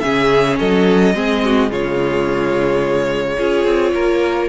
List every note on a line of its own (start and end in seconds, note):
0.00 0.60 C#3
0.00 1.15 C#4
0.00 0.59 G#4
0.00 0.56 E5
0.59 1.14 F#3
0.59 1.15 A4
0.59 1.71 D#5
1.14 1.70 G#3
1.14 1.68 C4
1.14 1.43 G#4
1.44 1.71 F#4
1.68 3.38 C#3
1.68 3.36 G#3
1.68 3.36 F4
1.68 4.49 C#5
3.36 3.65 C#4
3.36 4.49 F4
3.36 3.92 G#4
3.65 3.93 C4
3.94 4.49 A#3
3.94 4.49 A#4